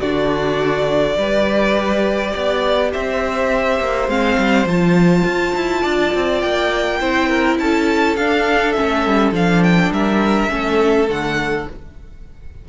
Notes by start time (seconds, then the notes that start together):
0.00 D3 D4 F#4 D5
1.17 G3 G4 B4
2.32 B3 D5
2.93 C4 C5 E5
3.79 A#3
4.08 G#3 C4 F5
4.38 G3
4.65 F3 F4 A5
5.25 F4
5.55 E4
5.82 D4 D5
6.14 C4
6.41 A#3 G5
7.00 C4 E4 C5
7.29 A#4
7.59 C#4 A4 A5
8.16 D4 F5
8.73 C#4 E5
8.80 A3
9.06 G3
9.32 F3 D4 F5
9.63 G5
9.91 G3 A#4 E5
10.49 A3 C#4 A4
11.07 D3 A3 F#5